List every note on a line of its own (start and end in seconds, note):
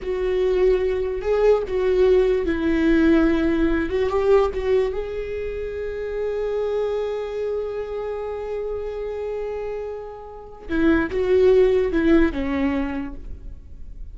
0.02 1.21 F#4
1.21 1.62 G#4
1.67 2.45 F#4
2.45 3.89 E4
3.89 4.09 F#4
4.09 4.50 G4
4.54 4.93 F#4
4.93 10.68 G#4
10.68 11.10 E4
11.10 11.92 F#4
11.92 12.32 E4
12.32 13.14 C#4